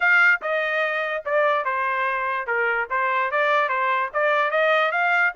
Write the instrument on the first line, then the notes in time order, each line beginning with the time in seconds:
trumpet
0.00 F5
0.41 D#5
1.25 D5
1.64 C5
2.47 A#4
2.90 C5
3.31 D5
3.68 C5
4.13 D5
4.51 D#5
4.91 F5